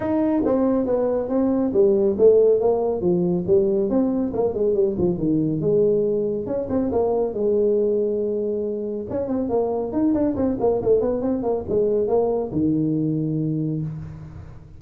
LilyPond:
\new Staff \with { instrumentName = "tuba" } { \time 4/4 \tempo 4 = 139 dis'4 c'4 b4 c'4 | g4 a4 ais4 f4 | g4 c'4 ais8 gis8 g8 f8 | dis4 gis2 cis'8 c'8 |
ais4 gis2.~ | gis4 cis'8 c'8 ais4 dis'8 d'8 | c'8 ais8 a8 b8 c'8 ais8 gis4 | ais4 dis2. | }